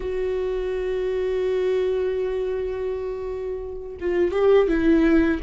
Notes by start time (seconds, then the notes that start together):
0.00 F#4
4.00 F4
4.31 G4
4.68 E4